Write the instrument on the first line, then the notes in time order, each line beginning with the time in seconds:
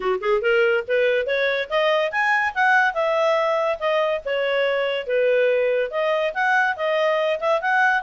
clarinet
0.00 F#4
0.20 G#4
0.41 A#4
0.87 B4
1.26 C#5
1.69 D#5
2.11 G#5
2.54 F#5
2.94 E5
3.79 D#5
4.25 C#5
5.06 B4
5.90 D#5
6.34 F#5
6.76 D#5
7.40 E5
7.61 F#5